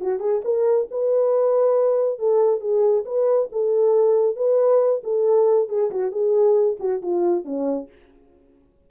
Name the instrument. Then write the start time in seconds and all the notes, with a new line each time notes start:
horn
0.00 F#4
0.19 G#4
0.44 A#4
0.90 B4
2.18 A4
2.60 G#4
3.05 B4
3.52 A4
4.36 B4
5.03 A4
5.68 G#4
5.90 F#4
6.11 G#4
6.79 F#4
7.02 F4
7.44 C#4